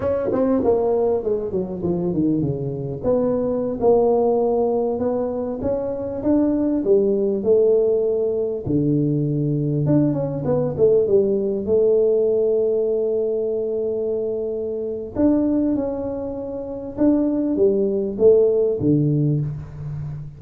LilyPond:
\new Staff \with { instrumentName = "tuba" } { \time 4/4 \tempo 4 = 99 cis'8 c'8 ais4 gis8 fis8 f8 dis8 | cis4 b4~ b16 ais4.~ ais16~ | ais16 b4 cis'4 d'4 g8.~ | g16 a2 d4.~ d16~ |
d16 d'8 cis'8 b8 a8 g4 a8.~ | a1~ | a4 d'4 cis'2 | d'4 g4 a4 d4 | }